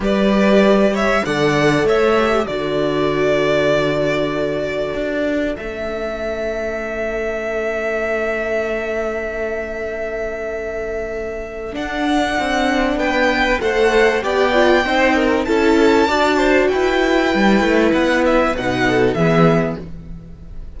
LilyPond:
<<
  \new Staff \with { instrumentName = "violin" } { \time 4/4 \tempo 4 = 97 d''4. e''8 fis''4 e''4 | d''1~ | d''4 e''2.~ | e''1~ |
e''2. fis''4~ | fis''4 g''4 fis''4 g''4~ | g''4 a''2 g''4~ | g''4 fis''8 e''8 fis''4 e''4 | }
  \new Staff \with { instrumentName = "violin" } { \time 4/4 b'4. cis''8 d''4 cis''4 | a'1~ | a'1~ | a'1~ |
a'1~ | a'4 b'4 c''4 d''4 | c''8 ais'8 a'4 d''8 c''8 b'4~ | b'2~ b'8 a'8 gis'4 | }
  \new Staff \with { instrumentName = "viola" } { \time 4/4 g'2 a'4. g'8 | fis'1~ | fis'4 cis'2.~ | cis'1~ |
cis'2. d'4~ | d'2 a'4 g'8 f'8 | dis'4 e'4 fis'2 | e'2 dis'4 b4 | }
  \new Staff \with { instrumentName = "cello" } { \time 4/4 g2 d4 a4 | d1 | d'4 a2.~ | a1~ |
a2. d'4 | c'4 b4 a4 b4 | c'4 cis'4 d'4 e'4 | g8 a8 b4 b,4 e4 | }
>>